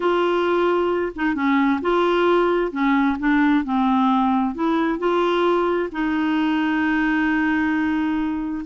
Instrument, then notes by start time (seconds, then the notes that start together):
clarinet
0.00 F4
1.15 D#4
1.35 C#4
1.81 F4
2.71 C#4
3.19 D4
3.64 C4
4.54 E4
4.98 F4
5.92 D#4